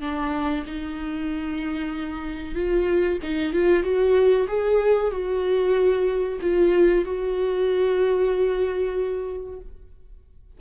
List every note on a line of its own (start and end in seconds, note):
0.00 0.64 D4
0.66 2.55 D#4
2.55 3.19 F4
3.22 3.53 D#4
3.53 3.83 F4
3.83 4.47 F#4
4.47 5.11 G#4
5.11 6.39 F#4
6.41 7.04 F4
7.04 9.60 F#4